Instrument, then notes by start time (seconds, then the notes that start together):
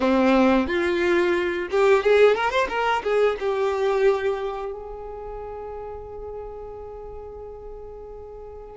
violin
0.00 C4
0.67 F4
1.70 G4
2.03 G#4
2.35 A#4
2.50 C5
2.68 A#4
3.03 G#4
3.39 G4
4.72 G#4